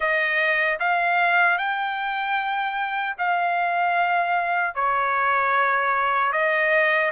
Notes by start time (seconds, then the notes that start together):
0.00 D#5
0.79 F5
1.58 G5
3.18 F5
4.74 C#5
6.32 D#5